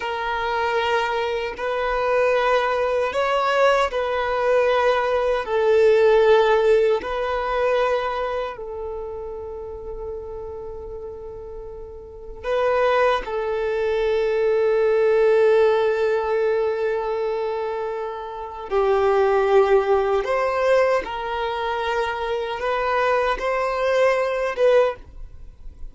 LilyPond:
\new Staff \with { instrumentName = "violin" } { \time 4/4 \tempo 4 = 77 ais'2 b'2 | cis''4 b'2 a'4~ | a'4 b'2 a'4~ | a'1 |
b'4 a'2.~ | a'1 | g'2 c''4 ais'4~ | ais'4 b'4 c''4. b'8 | }